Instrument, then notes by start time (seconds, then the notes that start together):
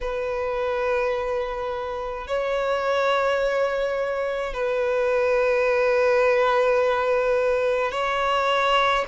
violin
0.01 B4
2.26 C#5
4.53 B4
7.91 C#5